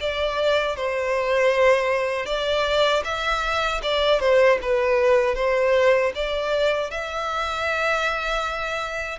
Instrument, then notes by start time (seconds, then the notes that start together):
violin
0.00 D5
0.77 C5
2.26 D5
3.04 E5
3.83 D5
4.20 C5
4.62 B4
5.35 C5
6.15 D5
6.91 E5